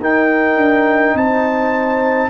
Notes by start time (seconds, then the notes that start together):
0.00 D#4 A#4 G5
0.56 D4
1.14 C4 C5 A5